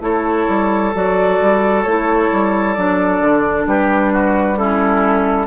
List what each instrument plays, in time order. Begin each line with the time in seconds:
0.00 bassoon A3, clarinet E4, oboe A4, flute C#5
0.48 bassoon G3
0.94 bassoon F#3, clarinet F#4, flute D5
1.40 bassoon G3
1.83 bassoon A3, clarinet E4, flute C#5
2.32 bassoon G3
2.73 bassoon F#3, clarinet D4, flute D5
3.20 bassoon D3
3.66 bassoon G3, oboe G4, flute B4
4.13 oboe F#4
4.57 clarinet C#4, oboe E4, flute A4